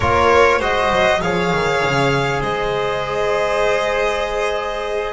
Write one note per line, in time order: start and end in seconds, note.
0.00 0.59 A#3
0.00 0.60 F4
0.00 0.58 A#4
0.00 0.61 C#5
0.58 0.90 G#3
0.58 1.21 F#4
0.58 1.18 C5
0.58 1.21 D#5
0.91 1.21 F#3
1.21 1.52 F3
1.21 5.13 G#4
1.21 2.41 C#5
1.21 2.42 F5
1.53 1.83 D#3
1.84 2.42 C#3
2.41 5.13 G#3
2.41 5.13 C5
2.41 5.13 D#5